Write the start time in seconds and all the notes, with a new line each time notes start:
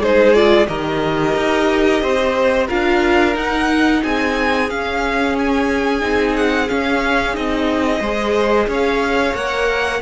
0.00 G#3 D#4 G#4 C5
0.34 F4 D5
0.67 D#3 G4 A#4 D#5
1.36 D#4
2.02 C4 C5
2.67 D4 F4 A#4 F5
3.34 D#4 F#5
4.03 C4 G#4 G#5
4.69 C#4 F5
5.38 G#5
6.00 C4 D#4
6.36 F#5
6.68 C#4 F5
7.33 C4 D#4 D#5
8.00 G#3 G#4 C5
8.67 C#4 C#5
8.73 F5
9.34 A#3 A#4 F#5